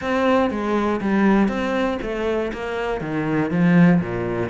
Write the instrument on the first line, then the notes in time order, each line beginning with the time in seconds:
cello
0.01 C4
0.50 G#3
1.00 G3
1.48 C4
2.02 A3
2.53 A#3
3.00 D#3
3.50 F3
4.01 A#2